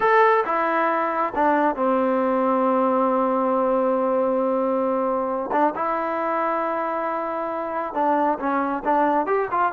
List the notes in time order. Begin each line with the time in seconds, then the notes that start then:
0.00 A4
0.45 E4
1.35 D4
1.75 C4
5.51 D4
5.75 E4
7.94 D4
8.39 C#4
8.84 D4
9.26 G4
9.51 F4